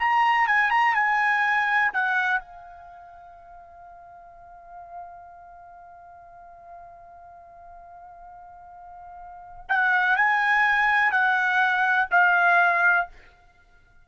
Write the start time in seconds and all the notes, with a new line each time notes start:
0.00 A#5
0.48 G#5
0.71 A#5
0.95 G#5
1.94 F#5
2.40 F5
9.69 F#5
10.17 G#5
11.12 F#5
12.11 F5